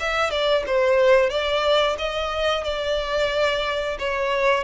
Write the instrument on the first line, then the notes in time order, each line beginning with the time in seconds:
violin
0.00 E5
0.31 D5
0.67 C5
1.30 D5
1.98 D#5
2.64 D5
3.99 C#5